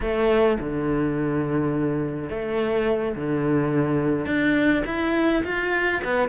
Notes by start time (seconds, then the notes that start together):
0.00 A3
0.59 D3
2.29 A3
3.15 D3
4.25 D4
4.86 E4
5.44 F4
6.03 B3